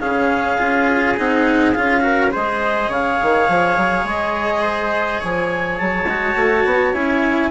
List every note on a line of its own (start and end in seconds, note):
0.00 0.60 C#3
0.00 0.59 C#4
0.00 2.04 G#4
0.00 1.15 F5
0.59 1.18 C#4
0.59 1.16 F4
1.17 1.77 C4
1.17 1.75 D#4
1.17 1.74 F#5
1.74 2.35 C#4
1.74 2.01 F4
1.74 2.31 F5
2.01 2.30 F#4
2.01 2.32 A#4
2.31 2.89 G#3
2.31 6.06 G#4
2.31 2.90 C5
2.31 2.93 D#5
2.89 3.18 C#3
2.89 4.62 C#5
2.89 4.07 F5
3.22 3.49 D#3
3.49 3.78 F3
3.78 4.04 F#3
4.04 5.20 G#3
4.04 5.22 D#5
4.62 5.20 C5
5.20 5.81 F3
5.20 7.51 C#5
5.20 5.78 G#5
5.78 6.06 F#3
5.78 6.94 A5
6.06 6.34 G#3
6.06 6.94 F#4
6.37 6.65 A3
6.65 6.94 B3
6.94 7.51 C#4
6.94 7.51 E4
6.94 7.51 G#5